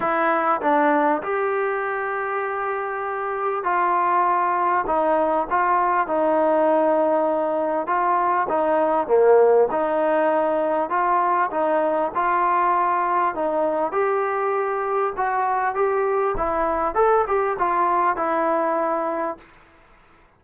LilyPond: \new Staff \with { instrumentName = "trombone" } { \time 4/4 \tempo 4 = 99 e'4 d'4 g'2~ | g'2 f'2 | dis'4 f'4 dis'2~ | dis'4 f'4 dis'4 ais4 |
dis'2 f'4 dis'4 | f'2 dis'4 g'4~ | g'4 fis'4 g'4 e'4 | a'8 g'8 f'4 e'2 | }